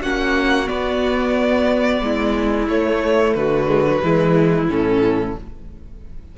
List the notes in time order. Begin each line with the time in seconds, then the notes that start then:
0.00 A#3 C#4 F#4 F#5
0.66 B3 D5
2.01 G#3 E4
2.67 A3 C#5
3.34 D3 F#4 B4
3.68 G#3
3.86 F#3
4.02 E3 G#3 E4
4.68 A2 C#4 A4